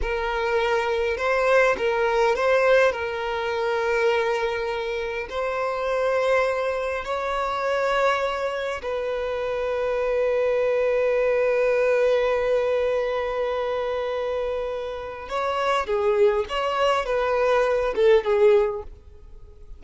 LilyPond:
\new Staff \with { instrumentName = "violin" } { \time 4/4 \tempo 4 = 102 ais'2 c''4 ais'4 | c''4 ais'2.~ | ais'4 c''2. | cis''2. b'4~ |
b'1~ | b'1~ | b'2 cis''4 gis'4 | cis''4 b'4. a'8 gis'4 | }